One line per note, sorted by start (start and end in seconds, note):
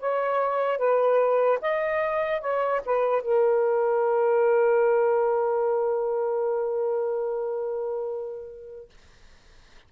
0.00 0.78 C#5
0.78 1.59 B4
1.62 2.41 D#5
2.41 2.81 C#5
2.86 3.22 B4
3.22 8.90 A#4